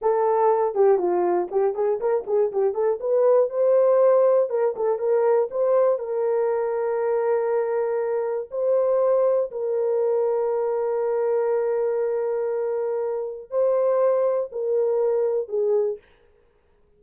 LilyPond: \new Staff \with { instrumentName = "horn" } { \time 4/4 \tempo 4 = 120 a'4. g'8 f'4 g'8 gis'8 | ais'8 gis'8 g'8 a'8 b'4 c''4~ | c''4 ais'8 a'8 ais'4 c''4 | ais'1~ |
ais'4 c''2 ais'4~ | ais'1~ | ais'2. c''4~ | c''4 ais'2 gis'4 | }